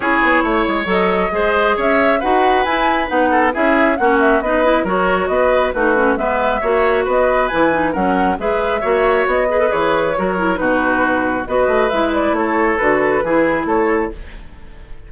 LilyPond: <<
  \new Staff \with { instrumentName = "flute" } { \time 4/4 \tempo 4 = 136 cis''2 dis''2 | e''4 fis''4 gis''4 fis''4 | e''4 fis''8 e''8 dis''4 cis''4 | dis''4 b'4 e''2 |
dis''4 gis''4 fis''4 e''4~ | e''4 dis''4 cis''2 | b'2 dis''4 e''8 d''8 | cis''4 b'2 cis''4 | }
  \new Staff \with { instrumentName = "oboe" } { \time 4/4 gis'4 cis''2 c''4 | cis''4 b'2~ b'8 a'8 | gis'4 fis'4 b'4 ais'4 | b'4 fis'4 b'4 cis''4 |
b'2 ais'4 b'4 | cis''4. b'4. ais'4 | fis'2 b'2 | a'2 gis'4 a'4 | }
  \new Staff \with { instrumentName = "clarinet" } { \time 4/4 e'2 a'4 gis'4~ | gis'4 fis'4 e'4 dis'4 | e'4 cis'4 dis'8 e'8 fis'4~ | fis'4 dis'8 cis'8 b4 fis'4~ |
fis'4 e'8 dis'8 cis'4 gis'4 | fis'4. gis'16 a'16 gis'4 fis'8 e'8 | dis'2 fis'4 e'4~ | e'4 fis'4 e'2 | }
  \new Staff \with { instrumentName = "bassoon" } { \time 4/4 cis'8 b8 a8 gis8 fis4 gis4 | cis'4 dis'4 e'4 b4 | cis'4 ais4 b4 fis4 | b4 a4 gis4 ais4 |
b4 e4 fis4 gis4 | ais4 b4 e4 fis4 | b,2 b8 a8 gis4 | a4 d4 e4 a4 | }
>>